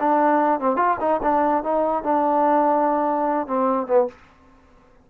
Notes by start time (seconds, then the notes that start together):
0.00 D4
0.60 C4
0.76 F4
1.00 D#4
1.23 D4
1.64 D#4
2.04 D4
3.47 C4
3.87 B3